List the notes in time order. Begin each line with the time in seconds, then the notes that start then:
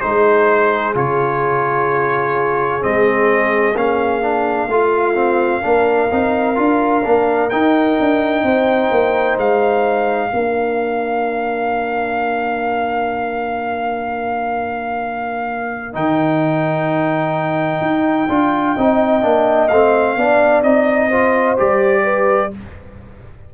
0.00 G#3 D#4 G#4 C5
0.94 C#3 F4 C#5
2.81 G#3 C4 D#5
3.75 A#3 C#4 F5
4.22 D4
4.68 A3 F4
5.14 C4
5.62 A#3 D4 A#4
6.12 C4 D#4
6.55 D4 F4
7.04 A#3 D4
7.50 D#4 G5
8.00 D4
8.43 C4 C5
8.91 A#3
9.37 G#3 F5
10.31 A#3 D4 A#4
15.94 D#3 D#4 G5
17.81 D#4
18.29 D4 F4
18.75 C4 D#4 D#5
19.21 A#3 D4
19.68 A3 C4 F5
20.16 B3 D4 D5
20.63 C4 D#4 D#5
21.09 F4 C5
21.57 G3 G4 D5
22.04 B4